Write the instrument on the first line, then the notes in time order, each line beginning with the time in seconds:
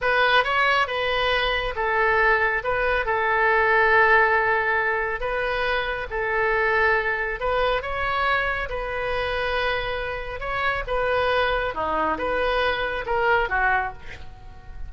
oboe
0.01 B4
0.44 C#5
0.87 B4
1.75 A4
2.63 B4
3.05 A4
5.20 B4
6.10 A4
7.40 B4
7.82 C#5
8.69 B4
10.40 C#5
10.87 B4
11.74 D#4
12.17 B4
13.06 A#4
13.49 F#4